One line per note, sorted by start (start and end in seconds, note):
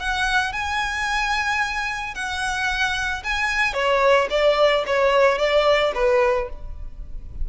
0.00 0.53 F#5
0.53 2.15 G#5
2.15 3.23 F#5
3.24 3.74 G#5
3.74 4.28 C#5
4.30 4.85 D5
4.87 5.39 C#5
5.39 5.93 D5
5.95 6.49 B4